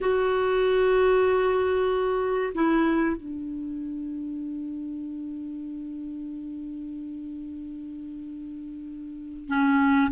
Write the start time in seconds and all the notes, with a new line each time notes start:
0.00 F#4
2.54 E4
3.16 D4
9.47 C#4